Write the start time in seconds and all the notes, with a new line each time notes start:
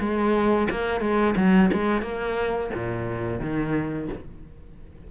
0.00 G#3
0.71 A#3
1.01 G#3
1.37 F#3
1.73 G#3
2.02 A#3
2.74 A#2
3.41 D#3